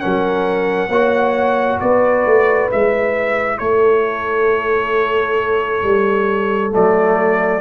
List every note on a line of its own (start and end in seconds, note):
0.00 0.88 F#3
0.00 0.90 C#4
0.00 0.90 A#4
0.00 1.79 F#5
0.88 1.78 A#3
0.88 2.71 F#4
0.88 1.79 C#5
1.80 2.26 B3
1.80 3.59 B4
1.80 2.70 D5
2.26 2.70 A3
2.71 3.59 G#3
2.71 6.71 E4
2.71 3.58 E5
3.58 5.83 A3
3.58 7.61 A4
3.58 6.71 C#5
5.83 6.73 G3
6.71 7.61 F#3
6.71 7.61 A3
6.71 7.61 D5